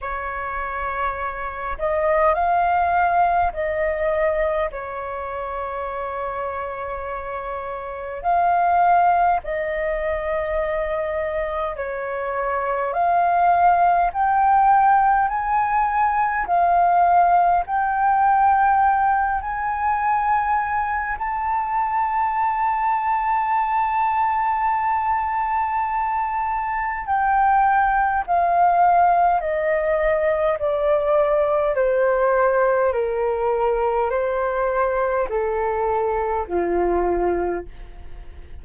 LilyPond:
\new Staff \with { instrumentName = "flute" } { \time 4/4 \tempo 4 = 51 cis''4. dis''8 f''4 dis''4 | cis''2. f''4 | dis''2 cis''4 f''4 | g''4 gis''4 f''4 g''4~ |
g''8 gis''4. a''2~ | a''2. g''4 | f''4 dis''4 d''4 c''4 | ais'4 c''4 a'4 f'4 | }